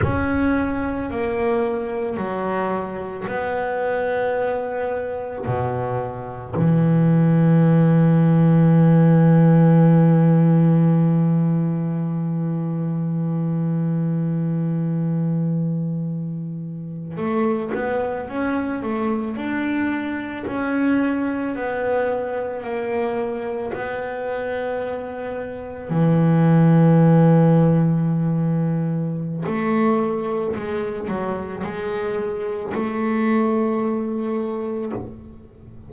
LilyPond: \new Staff \with { instrumentName = "double bass" } { \time 4/4 \tempo 4 = 55 cis'4 ais4 fis4 b4~ | b4 b,4 e2~ | e1~ | e2.~ e8. a16~ |
a16 b8 cis'8 a8 d'4 cis'4 b16~ | b8. ais4 b2 e16~ | e2. a4 | gis8 fis8 gis4 a2 | }